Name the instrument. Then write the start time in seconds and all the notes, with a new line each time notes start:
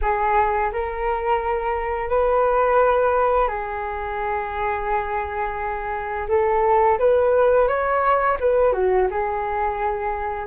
flute
0.01 G#4
0.72 A#4
2.09 B4
3.48 G#4
6.28 A4
6.99 B4
7.67 C#5
8.39 B4
8.72 F#4
9.10 G#4